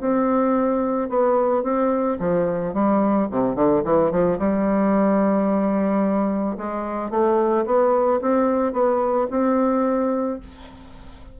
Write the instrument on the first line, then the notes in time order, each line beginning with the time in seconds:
bassoon
0.00 C4
1.09 B3
1.63 C4
2.19 F3
2.73 G3
3.31 C3
3.55 D3
3.85 E3
4.11 F3
4.39 G3
6.57 G#3
7.11 A3
7.66 B3
8.21 C4
8.73 B3
9.30 C4